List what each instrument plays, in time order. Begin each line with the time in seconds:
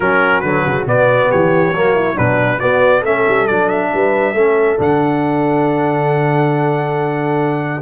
0.00 tuba F#3, trombone C#4, horn F#4, trumpet A#4
0.40 tuba D3, trombone F#3, trumpet B4
0.65 tuba C#3
0.86 tuba B2, trombone B3, trumpet D5
1.30 tuba E3, horn G4, trumpet C#5
1.73 tuba F#3, trombone A#3, horn F#4
1.94 horn E4
2.14 tuba B2, trombone F#3, horn D4, trumpet B4
2.59 trombone B3, tuba B3, horn F#4, trumpet D5
3.00 tuba A3, trombone C#4, horn A4, trumpet E5
3.27 tuba G3
3.47 tuba F#3, trombone D4, trumpet D5
3.68 trumpet E5
3.93 tuba G3, horn B4
4.33 tuba A3, trombone C#4, horn A4
4.77 tuba D3, trombone D4, trumpet F#5